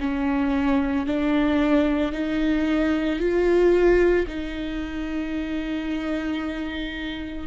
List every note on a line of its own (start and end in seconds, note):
0.00 1.06 C#4
1.06 2.12 D4
2.12 3.19 D#4
3.19 4.27 F4
4.28 7.48 D#4